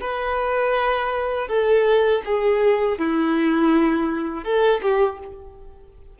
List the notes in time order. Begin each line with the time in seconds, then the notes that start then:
0.00 B4
1.48 A4
2.25 G#4
2.98 E4
4.44 A4
4.81 G4